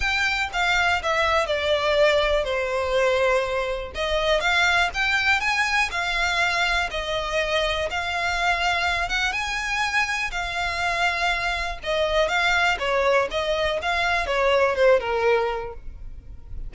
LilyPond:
\new Staff \with { instrumentName = "violin" } { \time 4/4 \tempo 4 = 122 g''4 f''4 e''4 d''4~ | d''4 c''2. | dis''4 f''4 g''4 gis''4 | f''2 dis''2 |
f''2~ f''8 fis''8 gis''4~ | gis''4 f''2. | dis''4 f''4 cis''4 dis''4 | f''4 cis''4 c''8 ais'4. | }